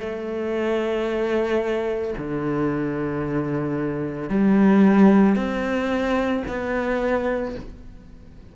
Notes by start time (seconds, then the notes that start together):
0.00 A3
2.18 D3
4.30 G3
5.36 C4
6.48 B3